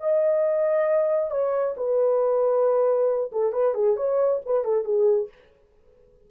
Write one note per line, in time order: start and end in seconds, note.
0.00 1.31 D#5
1.31 1.75 C#5
1.77 3.31 B4
3.32 3.52 A4
3.52 3.74 B4
3.74 3.96 G#4
3.96 4.41 C#5
4.45 4.64 B4
4.64 4.84 A4
4.84 5.28 G#4